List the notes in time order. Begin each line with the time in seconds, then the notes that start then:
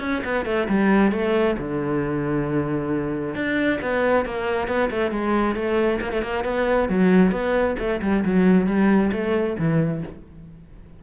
0.00 C#4
0.24 B3
0.45 A3
0.68 G3
1.12 A3
1.58 D3
3.35 D4
3.81 B3
4.25 A#3
4.67 B3
4.90 A3
5.11 G#3
5.55 A3
6.01 A#3
6.12 A3
6.22 A#3
6.44 B3
6.88 F#3
7.31 B3
7.78 A3
8.01 G3
8.24 F#3
8.66 G3
9.12 A3
9.58 E3